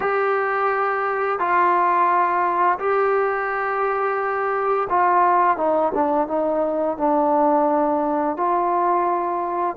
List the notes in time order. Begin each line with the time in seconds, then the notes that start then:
0.00 G4
1.39 F4
2.78 G4
4.89 F4
5.57 D#4
5.94 D4
6.27 D#4
6.97 D4
8.36 F4